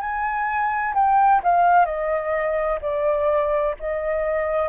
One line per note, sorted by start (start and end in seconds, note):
0.00 0.94 G#5
0.94 1.41 G5
1.44 1.85 F5
1.85 2.79 D#5
2.81 3.75 D5
3.80 4.68 D#5